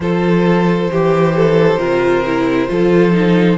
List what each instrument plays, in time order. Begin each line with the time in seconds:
0.00 cello F3, viola F4, violin A4 C5
0.91 cello E3, violin G4, viola G4
1.36 violin A4
1.77 cello C3, viola F4, violin A#4
2.26 viola E4
2.67 cello F3, viola F4, violin A4
3.12 viola D#4